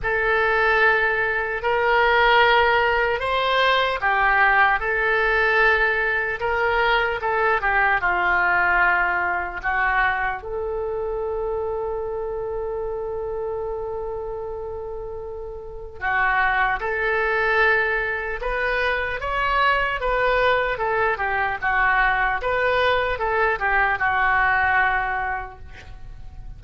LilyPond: \new Staff \with { instrumentName = "oboe" } { \time 4/4 \tempo 4 = 75 a'2 ais'2 | c''4 g'4 a'2 | ais'4 a'8 g'8 f'2 | fis'4 a'2.~ |
a'1 | fis'4 a'2 b'4 | cis''4 b'4 a'8 g'8 fis'4 | b'4 a'8 g'8 fis'2 | }